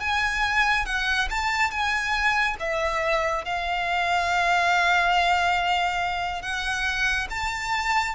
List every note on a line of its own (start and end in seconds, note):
0.00 0.85 G#5
0.85 1.28 F#5
1.30 1.70 A5
1.70 2.56 G#5
2.59 3.44 E5
3.44 6.42 F5
6.42 7.27 F#5
7.30 8.15 A5